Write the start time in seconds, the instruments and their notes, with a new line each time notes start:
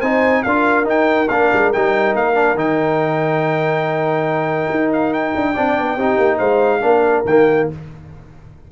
0.00 tuba C4, trombone D#4, horn C5, trumpet G#5
0.43 tuba D4, trombone F4, horn A#4, trumpet F5
0.84 trombone D#4, tuba D#4, trumpet G5
1.28 tuba A#3, trombone D4, trumpet F5
1.53 tuba G#3
1.72 tuba G3, trombone D#4, trumpet G5
2.14 tuba A#3, trumpet F5
2.34 trombone D4
2.54 tuba D#3, trombone D#4, trumpet G5
4.70 tuba D#4
4.92 trumpet F5
5.13 trumpet G5
5.35 tuba D4
5.52 tuba C4, trombone D4, horn D5
5.78 tuba B3
5.95 tuba C4, trombone D#4, horn G4
6.17 tuba A#3
6.37 tuba G#3, horn C5, trumpet F5
6.81 tuba A#3, trombone D4, horn A#4
7.25 tuba D#3, trombone A#3, trumpet G5